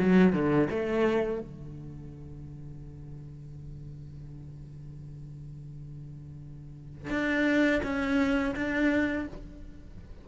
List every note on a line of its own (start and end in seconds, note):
0.00 0.33 F#3
0.33 0.69 D3
0.70 1.41 A3
1.41 7.10 D3
7.10 7.82 D4
7.84 8.55 C#4
8.56 9.28 D4